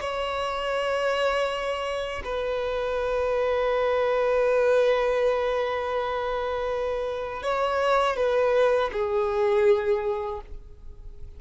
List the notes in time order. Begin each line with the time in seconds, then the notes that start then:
0.00 C#5
2.24 B4
7.42 C#5
8.16 B4
8.92 G#4